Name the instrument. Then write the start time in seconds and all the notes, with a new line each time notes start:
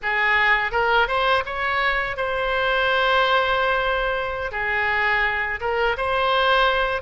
oboe
0.02 G#4
0.71 A#4
1.07 C5
1.45 C#5
2.17 C5
4.51 G#4
5.60 A#4
5.97 C5